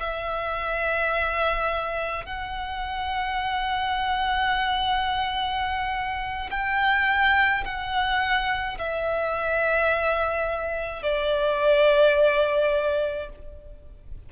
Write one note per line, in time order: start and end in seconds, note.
0.00 2.25 E5
2.25 6.50 F#5
6.51 7.64 G5
7.65 8.78 F#5
8.78 11.03 E5
11.03 13.29 D5